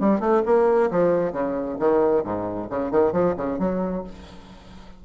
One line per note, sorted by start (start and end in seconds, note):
0.00 0.20 G3
0.20 0.43 A3
0.46 0.91 A#3
0.91 1.32 F3
1.32 1.77 C#3
1.80 2.24 D#3
2.24 2.68 G#2
2.70 2.91 C#3
2.91 3.13 D#3
3.13 3.35 F3
3.37 3.59 C#3
3.59 4.04 F#3